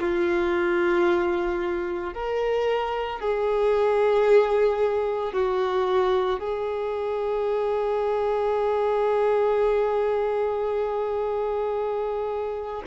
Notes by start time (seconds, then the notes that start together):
0.00 F4
2.14 A#4
3.20 G#4
5.33 F#4
6.40 G#4